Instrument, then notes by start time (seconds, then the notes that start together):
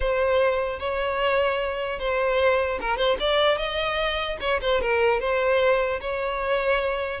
violin
0.00 C5
0.79 C#5
1.99 C5
2.80 A#4
2.97 C5
3.19 D5
3.57 D#5
4.40 C#5
4.61 C5
4.81 A#4
5.20 C5
6.00 C#5